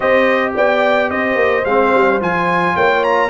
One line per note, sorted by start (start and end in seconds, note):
0.00 0.56 C4
0.00 1.64 G4
0.00 0.53 C5
0.00 0.53 D#5
0.55 1.10 B3
0.55 1.09 D5
0.55 1.10 G5
1.09 1.35 C4
1.09 2.74 C5
1.09 1.65 D#5
1.35 1.62 A#3
1.65 1.92 G#3
1.65 2.20 C4
1.65 2.20 F5
1.94 2.20 G3
2.20 2.75 F3
2.20 3.29 F4
2.20 2.76 G#5
2.74 3.29 A#3
2.74 3.29 C#5
2.74 3.03 G5
3.03 3.29 A#5